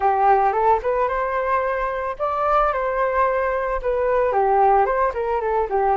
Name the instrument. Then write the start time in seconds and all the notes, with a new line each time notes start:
flute
0.00 G4
0.52 A4
0.82 B4
1.08 C5
2.19 D5
2.72 C5
3.81 B4
4.32 G4
4.85 C5
5.14 A#4
5.41 A4
5.69 G4